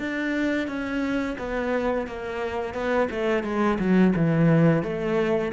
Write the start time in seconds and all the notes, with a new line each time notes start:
0.00 D4
0.68 C#4
1.39 B3
2.07 A#3
2.75 B3
3.11 A3
3.44 G#3
3.80 F#3
4.16 E3
4.83 A3